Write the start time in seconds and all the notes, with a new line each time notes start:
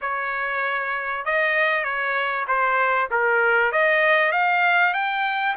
0.01 C#5
1.25 D#5
1.84 C#5
2.47 C5
3.10 A#4
3.72 D#5
4.32 F5
4.93 G5